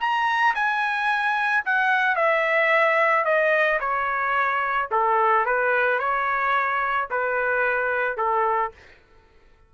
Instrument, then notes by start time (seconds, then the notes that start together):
trumpet
0.00 A#5
0.55 G#5
1.65 F#5
2.16 E5
3.25 D#5
3.80 C#5
4.92 A4
5.46 B4
5.99 C#5
7.10 B4
8.17 A4